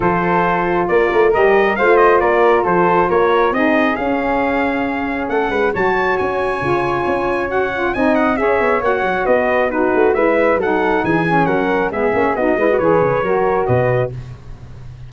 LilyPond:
<<
  \new Staff \with { instrumentName = "trumpet" } { \time 4/4 \tempo 4 = 136 c''2 d''4 dis''4 | f''8 dis''8 d''4 c''4 cis''4 | dis''4 f''2. | fis''4 a''4 gis''2~ |
gis''4 fis''4 gis''8 fis''8 e''4 | fis''4 dis''4 b'4 e''4 | fis''4 gis''4 fis''4 e''4 | dis''4 cis''2 dis''4 | }
  \new Staff \with { instrumentName = "flute" } { \time 4/4 a'2 ais'2 | c''4 ais'4 a'4 ais'4 | gis'1 | a'8 b'8 cis''2.~ |
cis''2 dis''4 cis''4~ | cis''4 b'4 fis'4 b'4 | a'4 gis'4 ais'4 gis'4 | fis'8 b'4. ais'4 b'4 | }
  \new Staff \with { instrumentName = "saxophone" } { \time 4/4 f'2. g'4 | f'1 | dis'4 cis'2.~ | cis'4 fis'2 f'4~ |
f'4 fis'8 f'8 dis'4 gis'4 | fis'2 dis'4 e'4 | dis'4. cis'4. b8 cis'8 | dis'8 e'16 fis'16 gis'4 fis'2 | }
  \new Staff \with { instrumentName = "tuba" } { \time 4/4 f2 ais8 a8 g4 | a4 ais4 f4 ais4 | c'4 cis'2. | a8 gis8 fis4 cis'4 cis4 |
cis'2 c'4 cis'8 b8 | ais8 fis8 b4. a8 gis4 | fis4 e4 fis4 gis8 ais8 | b8 gis8 e8 cis8 fis4 b,4 | }
>>